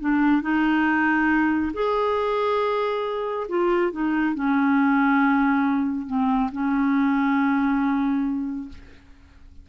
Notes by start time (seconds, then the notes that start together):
0.00 D4
0.42 D#4
1.73 G#4
3.49 F4
3.92 D#4
4.35 C#4
6.07 C4
6.52 C#4